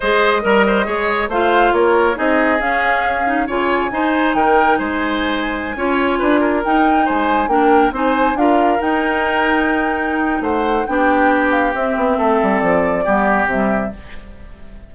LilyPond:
<<
  \new Staff \with { instrumentName = "flute" } { \time 4/4 \tempo 4 = 138 dis''2. f''4 | cis''4 dis''4 f''2 | gis''2 g''4 gis''4~ | gis''2.~ gis''16 g''8.~ |
g''16 gis''4 g''4 gis''4 f''8.~ | f''16 g''2.~ g''8. | fis''4 g''4. f''8 e''4~ | e''4 d''2 e''4 | }
  \new Staff \with { instrumentName = "oboe" } { \time 4/4 c''4 ais'8 c''8 cis''4 c''4 | ais'4 gis'2. | cis''4 c''4 ais'4 c''4~ | c''4~ c''16 cis''4 b'8 ais'4~ ais'16~ |
ais'16 c''4 ais'4 c''4 ais'8.~ | ais'1 | c''4 g'2. | a'2 g'2 | }
  \new Staff \with { instrumentName = "clarinet" } { \time 4/4 gis'4 ais'4 gis'4 f'4~ | f'4 dis'4 cis'4. dis'8 | f'4 dis'2.~ | dis'4~ dis'16 f'2 dis'8.~ |
dis'4~ dis'16 d'4 dis'4 f'8.~ | f'16 dis'2.~ dis'8.~ | dis'4 d'2 c'4~ | c'2 b4 g4 | }
  \new Staff \with { instrumentName = "bassoon" } { \time 4/4 gis4 g4 gis4 a4 | ais4 c'4 cis'2 | cis4 dis'4 dis4 gis4~ | gis4~ gis16 cis'4 d'4 dis'8.~ |
dis'16 gis4 ais4 c'4 d'8.~ | d'16 dis'2.~ dis'8. | a4 b2 c'8 b8 | a8 g8 f4 g4 c4 | }
>>